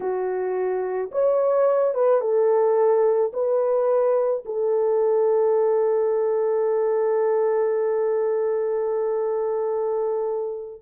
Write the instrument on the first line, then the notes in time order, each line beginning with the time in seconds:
horn
0.00 F#4
1.11 C#5
1.94 B4
2.20 A4
3.33 B4
4.45 A4